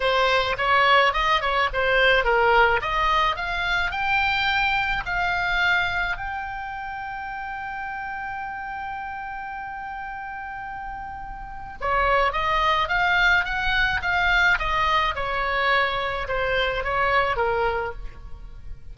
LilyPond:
\new Staff \with { instrumentName = "oboe" } { \time 4/4 \tempo 4 = 107 c''4 cis''4 dis''8 cis''8 c''4 | ais'4 dis''4 f''4 g''4~ | g''4 f''2 g''4~ | g''1~ |
g''1~ | g''4 cis''4 dis''4 f''4 | fis''4 f''4 dis''4 cis''4~ | cis''4 c''4 cis''4 ais'4 | }